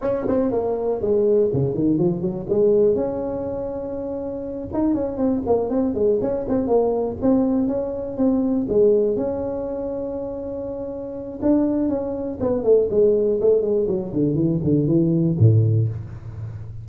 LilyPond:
\new Staff \with { instrumentName = "tuba" } { \time 4/4 \tempo 4 = 121 cis'8 c'8 ais4 gis4 cis8 dis8 | f8 fis8 gis4 cis'2~ | cis'4. dis'8 cis'8 c'8 ais8 c'8 | gis8 cis'8 c'8 ais4 c'4 cis'8~ |
cis'8 c'4 gis4 cis'4.~ | cis'2. d'4 | cis'4 b8 a8 gis4 a8 gis8 | fis8 d8 e8 d8 e4 a,4 | }